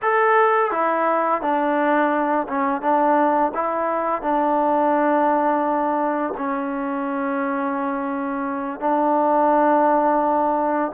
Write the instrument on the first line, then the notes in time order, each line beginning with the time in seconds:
trombone
0.02 A4
0.71 E4
1.41 D4
2.47 C#4
2.81 D4
3.54 E4
4.22 D4
6.37 C#4
8.80 D4